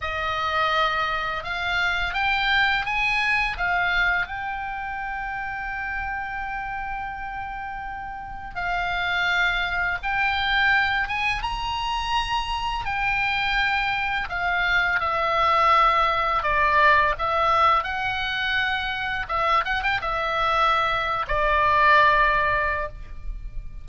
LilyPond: \new Staff \with { instrumentName = "oboe" } { \time 4/4 \tempo 4 = 84 dis''2 f''4 g''4 | gis''4 f''4 g''2~ | g''1 | f''2 g''4. gis''8 |
ais''2 g''2 | f''4 e''2 d''4 | e''4 fis''2 e''8 fis''16 g''16 | e''4.~ e''16 d''2~ d''16 | }